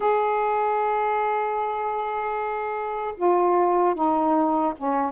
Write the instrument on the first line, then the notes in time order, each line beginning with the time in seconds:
saxophone
0.00 G#4
3.17 F4
3.94 D#4
4.77 C#4